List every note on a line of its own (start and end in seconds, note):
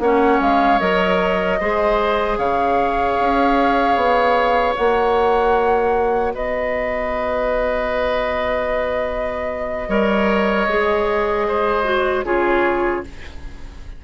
0.00 0.39 A#3
0.00 0.80 C#4
0.00 1.60 C#5
0.00 0.41 F#5
0.41 0.81 G#3
0.41 0.79 F5
0.79 1.60 F#3
0.79 1.59 A#4
0.79 2.37 D#5
1.60 2.38 G#3
1.60 4.77 G#4
1.60 2.39 C5
2.38 3.17 C#3
2.38 6.34 C#5
2.38 4.75 F5
3.20 3.96 C#4
3.96 4.75 B3
4.77 6.35 A#3
4.77 9.89 F#4
4.77 6.35 F#5
6.35 9.89 B3
6.35 9.89 B4
6.35 12.25 D#5
9.89 10.68 G3
9.89 10.68 A#4
9.89 11.47 C#5
10.68 12.25 G#3
10.68 11.84 G#4
11.48 12.26 C5
11.84 12.24 F#4
12.25 13.04 C#3
12.25 13.04 F4
12.25 13.05 G#4
12.25 13.04 C#5